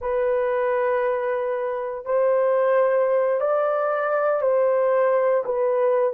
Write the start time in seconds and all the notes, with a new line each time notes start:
0.01 B4
2.05 C5
3.40 D5
4.41 C5
5.45 B4